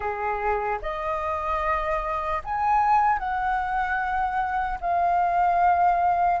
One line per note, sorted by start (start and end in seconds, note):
0.00 0.78 G#4
0.81 2.41 D#5
2.44 3.19 G#5
3.19 4.79 F#5
4.80 6.40 F5